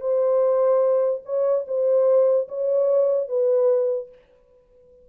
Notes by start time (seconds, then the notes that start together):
0.00 C5
1.25 C#5
1.67 C5
2.48 C#5
3.28 B4